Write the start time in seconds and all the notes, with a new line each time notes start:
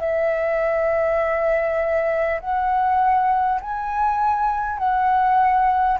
0.00 E5
2.40 F#5
3.61 G#5
4.78 F#5